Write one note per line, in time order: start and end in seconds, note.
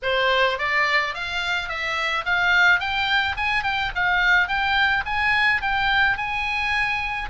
0.02 0.58 C5
0.58 1.14 D5
1.14 1.68 F5
1.68 2.24 E5
2.25 2.79 F5
2.79 3.35 G5
3.36 3.63 G#5
3.63 3.91 G5
3.95 4.47 F5
4.47 5.03 G5
5.05 5.61 G#5
5.61 6.17 G5
6.17 7.29 G#5